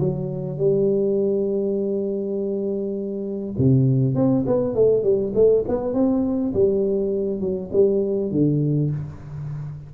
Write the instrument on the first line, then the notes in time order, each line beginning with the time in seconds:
tuba
0.00 F#3
0.58 G3
3.58 C3
4.15 C4
4.47 B3
4.75 A3
5.03 G3
5.35 A3
5.68 B3
5.94 C4
6.54 G3
7.41 F#3
7.73 G3
8.32 D3